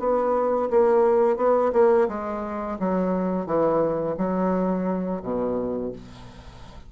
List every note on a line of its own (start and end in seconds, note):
0.00 0.70 B3
0.70 1.37 A#3
1.37 1.72 B3
1.73 2.08 A#3
2.09 2.78 G#3
2.80 3.46 F#3
3.46 4.16 E3
4.18 5.23 F#3
5.23 5.93 B2